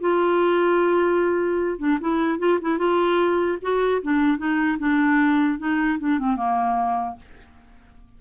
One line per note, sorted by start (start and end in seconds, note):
0.00 1.78 F4
1.78 1.98 D4
2.00 2.39 E4
2.39 2.59 F4
2.61 2.78 E4
2.78 3.58 F4
3.61 4.01 F#4
4.02 4.37 D4
4.37 4.77 D#4
4.78 5.58 D4
5.58 5.98 D#4
5.99 6.19 D4
6.19 6.36 C4
6.36 7.16 A#3